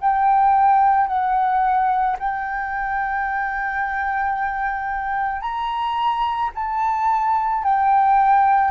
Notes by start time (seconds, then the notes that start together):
0.00 G5
1.07 F#5
2.19 G5
5.41 A#5
6.55 A5
7.63 G5